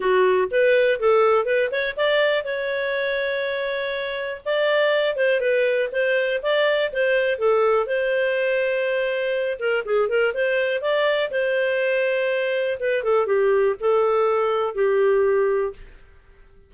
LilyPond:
\new Staff \with { instrumentName = "clarinet" } { \time 4/4 \tempo 4 = 122 fis'4 b'4 a'4 b'8 cis''8 | d''4 cis''2.~ | cis''4 d''4. c''8 b'4 | c''4 d''4 c''4 a'4 |
c''2.~ c''8 ais'8 | gis'8 ais'8 c''4 d''4 c''4~ | c''2 b'8 a'8 g'4 | a'2 g'2 | }